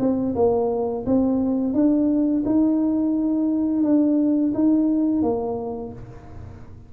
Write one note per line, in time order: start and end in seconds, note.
0.00 0.35 C4
0.36 1.05 A#3
1.06 1.74 C4
1.74 2.44 D4
2.46 3.83 D#4
3.83 4.53 D4
4.54 5.23 D#4
5.23 5.92 A#3